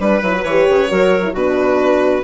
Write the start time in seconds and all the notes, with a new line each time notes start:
0.00 G3 D4 B4
0.23 F#3 E4
0.34 F#4
0.44 E3 G4 C#5
0.70 C#3
0.89 F#3 F#4 A#4
1.23 E4
1.33 B2 D4 F#4 B4